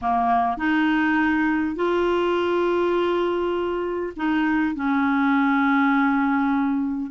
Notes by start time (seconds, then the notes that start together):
0.01 A#3
0.57 D#4
1.75 F4
4.16 D#4
4.75 C#4